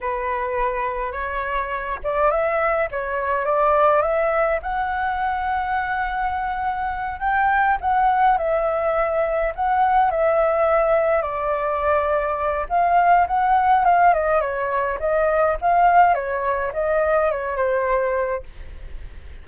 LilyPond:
\new Staff \with { instrumentName = "flute" } { \time 4/4 \tempo 4 = 104 b'2 cis''4. d''8 | e''4 cis''4 d''4 e''4 | fis''1~ | fis''8 g''4 fis''4 e''4.~ |
e''8 fis''4 e''2 d''8~ | d''2 f''4 fis''4 | f''8 dis''8 cis''4 dis''4 f''4 | cis''4 dis''4 cis''8 c''4. | }